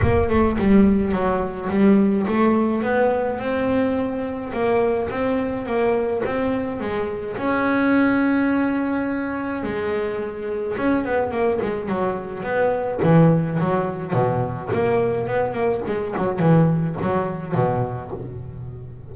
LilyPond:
\new Staff \with { instrumentName = "double bass" } { \time 4/4 \tempo 4 = 106 ais8 a8 g4 fis4 g4 | a4 b4 c'2 | ais4 c'4 ais4 c'4 | gis4 cis'2.~ |
cis'4 gis2 cis'8 b8 | ais8 gis8 fis4 b4 e4 | fis4 b,4 ais4 b8 ais8 | gis8 fis8 e4 fis4 b,4 | }